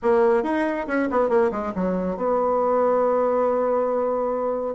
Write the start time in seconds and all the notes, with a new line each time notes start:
0.02 A#3
0.43 D#4
0.87 C#4
1.10 B3
1.29 A#3
1.51 G#3
1.75 F#3
2.16 B3